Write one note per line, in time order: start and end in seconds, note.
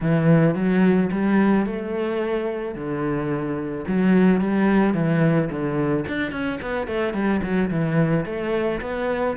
0.00 0.55 E3
0.55 1.10 F#3
1.11 1.66 G3
1.66 2.74 A3
2.74 3.84 D3
3.87 4.41 F#3
4.41 4.94 G3
4.94 5.49 E3
5.49 6.05 D3
6.08 6.31 D4
6.31 6.59 C#4
6.61 6.87 B3
6.87 7.13 A3
7.13 7.41 G3
7.42 7.70 F#3
7.70 8.25 E3
8.25 8.80 A3
8.81 9.36 B3